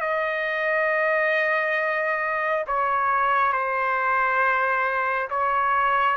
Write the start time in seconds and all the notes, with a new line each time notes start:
0.00 D#5
2.67 C#5
3.52 C5
5.30 C#5